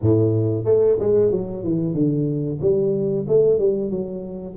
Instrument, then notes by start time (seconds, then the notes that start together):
tuba
0.01 A2
0.65 A3
0.99 G#3
1.31 F#3
1.63 E3
1.94 D3
2.61 G3
3.28 A3
3.58 G3
3.90 F#3